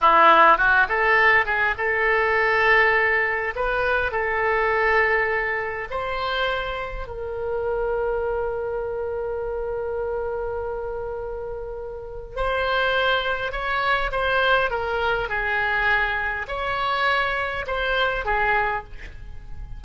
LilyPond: \new Staff \with { instrumentName = "oboe" } { \time 4/4 \tempo 4 = 102 e'4 fis'8 a'4 gis'8 a'4~ | a'2 b'4 a'4~ | a'2 c''2 | ais'1~ |
ais'1~ | ais'4 c''2 cis''4 | c''4 ais'4 gis'2 | cis''2 c''4 gis'4 | }